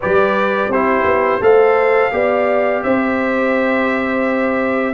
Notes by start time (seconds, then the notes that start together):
0.00 G3 G4 B4 D5
0.68 C4 E4 G4 C5
1.04 B3
1.40 A3 A4 C5 F5
2.11 B3 G4 D5
2.83 C4 C5 E5